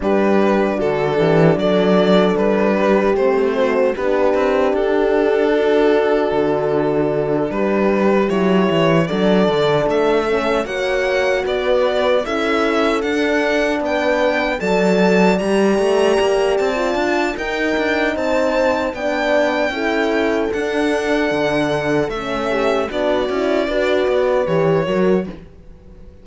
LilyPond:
<<
  \new Staff \with { instrumentName = "violin" } { \time 4/4 \tempo 4 = 76 b'4 a'4 d''4 b'4 | c''4 b'4 a'2~ | a'4. b'4 cis''4 d''8~ | d''8 e''4 fis''4 d''4 e''8~ |
e''8 fis''4 g''4 a''4 ais''8~ | ais''4 a''4 g''4 a''4 | g''2 fis''2 | e''4 d''2 cis''4 | }
  \new Staff \with { instrumentName = "horn" } { \time 4/4 g'4 fis'8 g'8 a'4. g'8~ | g'8 fis'8 g'2 fis'4~ | fis'4. g'2 a'8~ | a'4. cis''4 b'4 a'8~ |
a'4. b'4 d''4.~ | d''2 ais'4 c''4 | d''4 a'2.~ | a'8 g'8 fis'4 b'4. ais'8 | }
  \new Staff \with { instrumentName = "horn" } { \time 4/4 d'1 | c'4 d'2.~ | d'2~ d'8 e'4 d'8~ | d'4 cis'8 fis'2 e'8~ |
e'8 d'2 a'4 g'8~ | g'4~ g'16 f'8. dis'2 | d'4 e'4 d'2 | cis'4 d'8 e'8 fis'4 g'8 fis'8 | }
  \new Staff \with { instrumentName = "cello" } { \time 4/4 g4 d8 e8 fis4 g4 | a4 b8 c'8 d'2 | d4. g4 fis8 e8 fis8 | d8 a4 ais4 b4 cis'8~ |
cis'8 d'4 b4 fis4 g8 | a8 ais8 c'8 d'8 dis'8 d'8 c'4 | b4 cis'4 d'4 d4 | a4 b8 cis'8 d'8 b8 e8 fis8 | }
>>